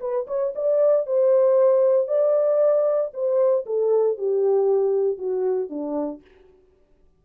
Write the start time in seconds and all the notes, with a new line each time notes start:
0.00 B4
0.27 C#5
0.55 D5
1.06 C5
2.07 D5
3.13 C5
3.66 A4
4.17 G4
5.18 F#4
5.69 D4